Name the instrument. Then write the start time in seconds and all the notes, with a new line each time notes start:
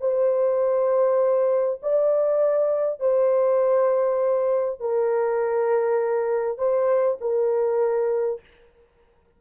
horn
0.00 C5
1.82 D5
2.99 C5
4.79 A#4
6.58 C5
7.20 A#4